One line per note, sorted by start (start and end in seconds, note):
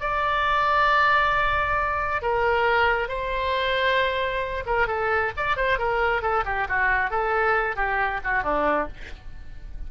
0.00 2.22 D5
2.22 3.08 A#4
3.08 4.64 C5
4.66 4.87 A#4
4.87 5.32 A4
5.37 5.56 D5
5.56 5.78 C5
5.78 6.22 A#4
6.22 6.44 A4
6.45 6.67 G4
6.68 7.10 F#4
7.10 7.76 A4
7.76 8.20 G4
8.24 8.43 F#4
8.43 8.87 D4